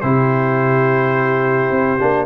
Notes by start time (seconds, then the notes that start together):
0.00 C3 E4 G4 C5
1.71 C4
1.99 A#3 D4